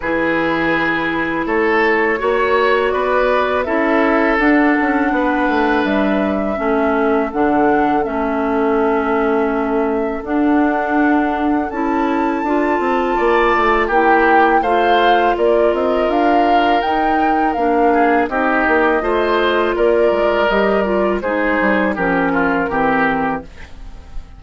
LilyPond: <<
  \new Staff \with { instrumentName = "flute" } { \time 4/4 \tempo 4 = 82 b'2 cis''2 | d''4 e''4 fis''2 | e''2 fis''4 e''4~ | e''2 fis''2 |
a''2. g''4 | f''4 d''8 dis''8 f''4 g''4 | f''4 dis''2 d''4 | dis''8 d''8 c''4 ais'2 | }
  \new Staff \with { instrumentName = "oboe" } { \time 4/4 gis'2 a'4 cis''4 | b'4 a'2 b'4~ | b'4 a'2.~ | a'1~ |
a'2 d''4 g'4 | c''4 ais'2.~ | ais'8 gis'8 g'4 c''4 ais'4~ | ais'4 gis'4 g'8 f'8 g'4 | }
  \new Staff \with { instrumentName = "clarinet" } { \time 4/4 e'2. fis'4~ | fis'4 e'4 d'2~ | d'4 cis'4 d'4 cis'4~ | cis'2 d'2 |
e'4 f'2 e'4 | f'2. dis'4 | d'4 dis'4 f'2 | g'8 f'8 dis'4 cis'4 c'4 | }
  \new Staff \with { instrumentName = "bassoon" } { \time 4/4 e2 a4 ais4 | b4 cis'4 d'8 cis'8 b8 a8 | g4 a4 d4 a4~ | a2 d'2 |
cis'4 d'8 c'8 ais8 a8 ais4 | a4 ais8 c'8 d'4 dis'4 | ais4 c'8 ais8 a4 ais8 gis8 | g4 gis8 g8 f4 e4 | }
>>